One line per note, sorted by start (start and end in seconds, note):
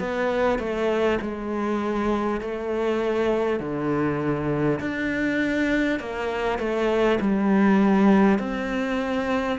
0.00 0.59 B3
0.59 1.19 A3
1.22 2.41 G#3
2.41 3.60 A3
3.60 4.80 D3
4.80 5.99 D4
5.99 6.59 A#3
6.59 7.19 A3
7.21 8.39 G3
8.39 9.59 C4